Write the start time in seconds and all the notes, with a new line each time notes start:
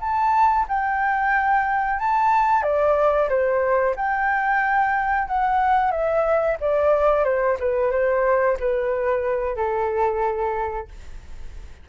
0.00 A5
0.68 G5
1.99 A5
2.63 D5
3.29 C5
3.96 G5
5.27 F#5
5.91 E5
6.61 D5
7.24 C5
7.60 B4
7.91 C5
8.59 B4
9.56 A4